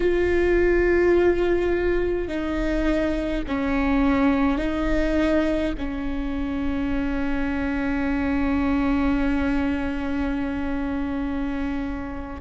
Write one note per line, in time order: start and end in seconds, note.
0.00 2.28 F4
2.28 3.43 D#4
3.47 4.58 C#4
4.58 5.73 D#4
5.77 12.41 C#4